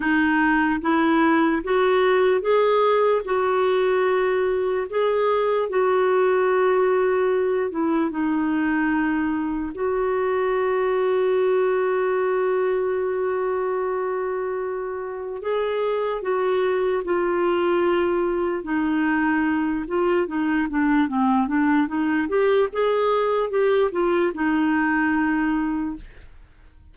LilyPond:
\new Staff \with { instrumentName = "clarinet" } { \time 4/4 \tempo 4 = 74 dis'4 e'4 fis'4 gis'4 | fis'2 gis'4 fis'4~ | fis'4. e'8 dis'2 | fis'1~ |
fis'2. gis'4 | fis'4 f'2 dis'4~ | dis'8 f'8 dis'8 d'8 c'8 d'8 dis'8 g'8 | gis'4 g'8 f'8 dis'2 | }